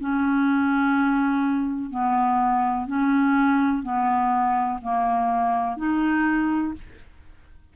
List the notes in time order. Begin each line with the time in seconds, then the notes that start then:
0.00 C#4
1.90 B3
2.87 C#4
3.83 B3
4.82 A#3
5.77 D#4